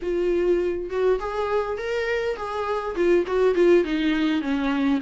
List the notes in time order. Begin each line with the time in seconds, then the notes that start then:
0.02 F4
0.90 F#4
1.19 G#4
1.77 A#4
2.36 G#4
2.95 F4
3.26 F#4
3.55 F4
3.84 D#4
4.41 C#4